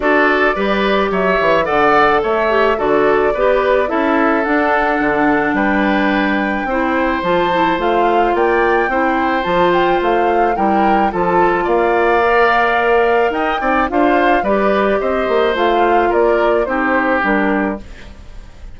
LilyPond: <<
  \new Staff \with { instrumentName = "flute" } { \time 4/4 \tempo 4 = 108 d''2 e''4 fis''4 | e''4 d''2 e''4 | fis''2 g''2~ | g''4 a''4 f''4 g''4~ |
g''4 a''8 g''8 f''4 g''4 | a''4 f''2. | g''4 f''4 d''4 dis''4 | f''4 d''4 c''4 ais'4 | }
  \new Staff \with { instrumentName = "oboe" } { \time 4/4 a'4 b'4 cis''4 d''4 | cis''4 a'4 b'4 a'4~ | a'2 b'2 | c''2. d''4 |
c''2. ais'4 | a'4 d''2. | dis''8 d''8 c''4 b'4 c''4~ | c''4 ais'4 g'2 | }
  \new Staff \with { instrumentName = "clarinet" } { \time 4/4 fis'4 g'2 a'4~ | a'8 g'8 fis'4 g'4 e'4 | d'1 | e'4 f'8 e'8 f'2 |
e'4 f'2 e'4 | f'2 ais'2~ | ais'8 dis'8 f'4 g'2 | f'2 dis'4 d'4 | }
  \new Staff \with { instrumentName = "bassoon" } { \time 4/4 d'4 g4 fis8 e8 d4 | a4 d4 b4 cis'4 | d'4 d4 g2 | c'4 f4 a4 ais4 |
c'4 f4 a4 g4 | f4 ais2. | dis'8 c'8 d'4 g4 c'8 ais8 | a4 ais4 c'4 g4 | }
>>